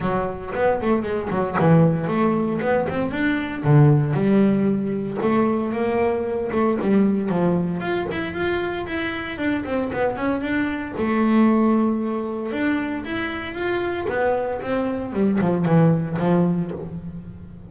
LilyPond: \new Staff \with { instrumentName = "double bass" } { \time 4/4 \tempo 4 = 115 fis4 b8 a8 gis8 fis8 e4 | a4 b8 c'8 d'4 d4 | g2 a4 ais4~ | ais8 a8 g4 f4 f'8 e'8 |
f'4 e'4 d'8 c'8 b8 cis'8 | d'4 a2. | d'4 e'4 f'4 b4 | c'4 g8 f8 e4 f4 | }